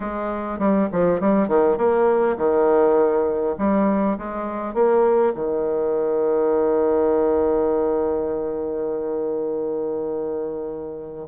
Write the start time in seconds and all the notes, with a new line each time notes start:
0.00 G#3
0.58 G3
0.92 F3
1.20 G3
1.47 D#3
1.77 A#3
2.37 D#3
3.58 G3
4.18 G#3
4.74 A#3
5.34 D#3